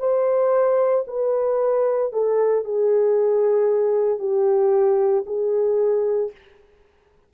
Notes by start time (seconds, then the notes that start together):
0.00 C5
1.08 B4
2.13 A4
2.65 G#4
4.19 G4
5.27 G#4